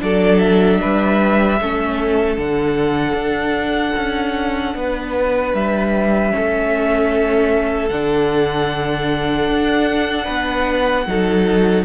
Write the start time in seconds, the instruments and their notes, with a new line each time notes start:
0.00 cello F#3, viola D4, violin A4 D5
0.39 violin E5
0.81 cello G3, violin B4
1.61 cello A3, viola C#4, violin A4
2.38 cello D3, viola D4, violin F#5
3.13 cello D4
3.97 cello C#4
4.75 cello B3, violin B4
5.54 cello G3, violin E5
6.31 viola C#4, violin A4
6.38 cello A3
7.89 cello D3, viola D4, violin F#5
9.48 cello D4
10.25 cello B3, violin B4
11.07 cello F#3, viola D#4, violin A4